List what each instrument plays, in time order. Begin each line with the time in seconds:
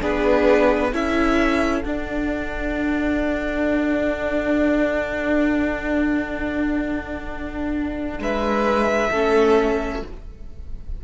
0.00 cello B3, viola D4, violin G#4 B4
0.90 cello C#4, viola E4, violin A4 E5
1.82 cello D4, viola D4, violin F#5
8.19 cello G#3, violin B4 E5
9.10 cello A3, viola C#4, violin A4